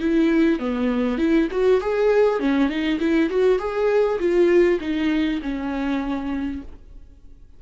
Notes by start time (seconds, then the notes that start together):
0.00 E4
0.59 B3
1.18 E4
1.51 F#4
1.81 G#4
2.40 C#4
2.69 D#4
3.00 E4
3.30 F#4
3.59 G#4
4.19 F4
4.81 D#4
5.42 C#4